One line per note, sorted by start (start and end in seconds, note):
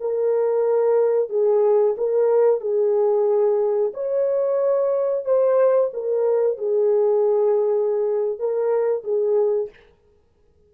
0.00 1.29 A#4
1.29 1.95 G#4
1.97 2.60 A#4
2.60 3.92 G#4
3.94 5.24 C#5
5.24 5.90 C5
5.93 6.58 A#4
6.58 8.39 G#4
8.39 9.04 A#4
9.04 9.70 G#4